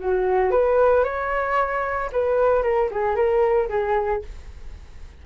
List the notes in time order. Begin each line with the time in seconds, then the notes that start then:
0.00 F#4
0.51 B4
1.04 C#5
2.12 B4
2.63 A#4
2.92 G#4
3.16 A#4
3.70 G#4